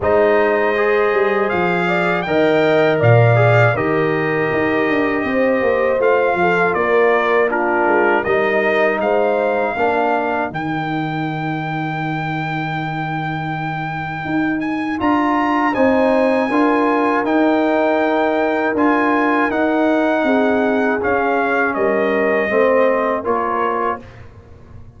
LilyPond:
<<
  \new Staff \with { instrumentName = "trumpet" } { \time 4/4 \tempo 4 = 80 dis''2 f''4 g''4 | f''4 dis''2. | f''4 d''4 ais'4 dis''4 | f''2 g''2~ |
g''2.~ g''8 gis''8 | ais''4 gis''2 g''4~ | g''4 gis''4 fis''2 | f''4 dis''2 cis''4 | }
  \new Staff \with { instrumentName = "horn" } { \time 4/4 c''2~ c''8 d''8 dis''4 | d''4 ais'2 c''4~ | c''8 a'8 ais'4 f'4 ais'4 | c''4 ais'2.~ |
ais'1~ | ais'4 c''4 ais'2~ | ais'2. gis'4~ | gis'4 ais'4 c''4 ais'4 | }
  \new Staff \with { instrumentName = "trombone" } { \time 4/4 dis'4 gis'2 ais'4~ | ais'8 gis'8 g'2. | f'2 d'4 dis'4~ | dis'4 d'4 dis'2~ |
dis'1 | f'4 dis'4 f'4 dis'4~ | dis'4 f'4 dis'2 | cis'2 c'4 f'4 | }
  \new Staff \with { instrumentName = "tuba" } { \time 4/4 gis4. g8 f4 dis4 | ais,4 dis4 dis'8 d'8 c'8 ais8 | a8 f8 ais4. gis8 g4 | gis4 ais4 dis2~ |
dis2. dis'4 | d'4 c'4 d'4 dis'4~ | dis'4 d'4 dis'4 c'4 | cis'4 g4 a4 ais4 | }
>>